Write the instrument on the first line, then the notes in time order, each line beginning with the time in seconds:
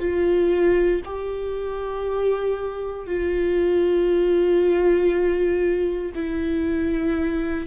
viola
0.00 F4
1.05 G4
3.07 F4
6.15 E4